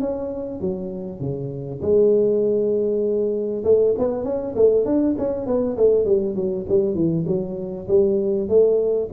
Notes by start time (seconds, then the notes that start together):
0.00 C#4
0.61 F#3
1.20 C#3
1.82 G#3
3.64 A3
3.98 B3
4.24 C#4
4.55 A3
4.86 D4
5.18 C#4
5.46 B3
5.77 A3
6.05 G3
6.36 F#3
6.69 G3
6.95 E3
7.27 F#3
7.88 G3
8.48 A3